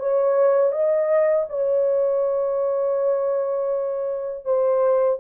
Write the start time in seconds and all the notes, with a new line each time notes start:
0.00 C#5
0.72 D#5
1.49 C#5
4.45 C5